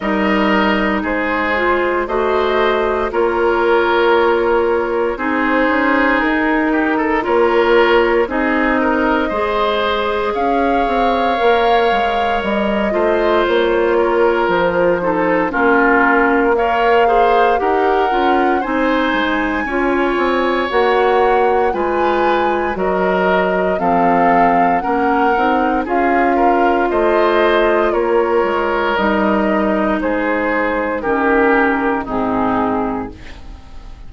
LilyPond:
<<
  \new Staff \with { instrumentName = "flute" } { \time 4/4 \tempo 4 = 58 dis''4 c''4 dis''4 cis''4~ | cis''4 c''4 ais'4 cis''4 | dis''2 f''2 | dis''4 cis''4 c''4 ais'4 |
f''4 fis''4 gis''2 | fis''4 gis''4 dis''4 f''4 | fis''4 f''4 dis''4 cis''4 | dis''4 c''4 ais'4 gis'4 | }
  \new Staff \with { instrumentName = "oboe" } { \time 4/4 ais'4 gis'4 c''4 ais'4~ | ais'4 gis'4. g'16 a'16 ais'4 | gis'8 ais'8 c''4 cis''2~ | cis''8 c''4 ais'4 a'8 f'4 |
cis''8 c''8 ais'4 c''4 cis''4~ | cis''4 b'4 ais'4 a'4 | ais'4 gis'8 ais'8 c''4 ais'4~ | ais'4 gis'4 g'4 dis'4 | }
  \new Staff \with { instrumentName = "clarinet" } { \time 4/4 dis'4. f'8 fis'4 f'4~ | f'4 dis'2 f'4 | dis'4 gis'2 ais'4~ | ais'8 f'2 dis'8 cis'4 |
ais'8 gis'8 g'8 f'8 dis'4 f'4 | fis'4 f'4 fis'4 c'4 | cis'8 dis'8 f'2. | dis'2 cis'4 c'4 | }
  \new Staff \with { instrumentName = "bassoon" } { \time 4/4 g4 gis4 a4 ais4~ | ais4 c'8 cis'8 dis'4 ais4 | c'4 gis4 cis'8 c'8 ais8 gis8 | g8 a8 ais4 f4 ais4~ |
ais4 dis'8 cis'8 c'8 gis8 cis'8 c'8 | ais4 gis4 fis4 f4 | ais8 c'8 cis'4 a4 ais8 gis8 | g4 gis4 dis4 gis,4 | }
>>